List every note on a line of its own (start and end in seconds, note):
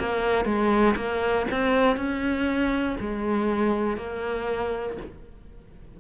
0.00 0.45 A#3
0.45 0.95 G#3
0.97 1.47 A#3
1.51 1.97 C4
1.97 2.97 C#4
3.00 3.98 G#3
3.98 4.98 A#3